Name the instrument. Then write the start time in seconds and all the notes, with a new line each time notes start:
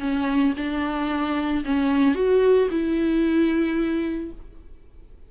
viola
0.00 C#4
0.57 D4
1.65 C#4
2.15 F#4
2.71 E4